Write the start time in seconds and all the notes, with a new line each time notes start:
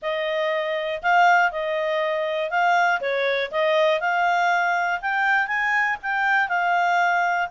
0.01 D#5
1.02 F5
1.51 D#5
2.50 F5
3.00 C#5
3.51 D#5
4.00 F5
5.01 G5
5.47 G#5
6.02 G5
6.48 F5